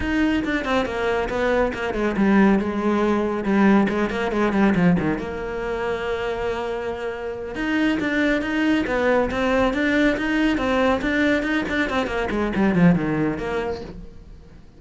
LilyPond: \new Staff \with { instrumentName = "cello" } { \time 4/4 \tempo 4 = 139 dis'4 d'8 c'8 ais4 b4 | ais8 gis8 g4 gis2 | g4 gis8 ais8 gis8 g8 f8 dis8 | ais1~ |
ais4. dis'4 d'4 dis'8~ | dis'8 b4 c'4 d'4 dis'8~ | dis'8 c'4 d'4 dis'8 d'8 c'8 | ais8 gis8 g8 f8 dis4 ais4 | }